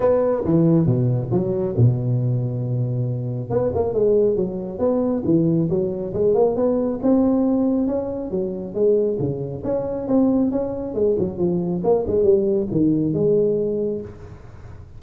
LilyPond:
\new Staff \with { instrumentName = "tuba" } { \time 4/4 \tempo 4 = 137 b4 e4 b,4 fis4 | b,1 | b8 ais8 gis4 fis4 b4 | e4 fis4 gis8 ais8 b4 |
c'2 cis'4 fis4 | gis4 cis4 cis'4 c'4 | cis'4 gis8 fis8 f4 ais8 gis8 | g4 dis4 gis2 | }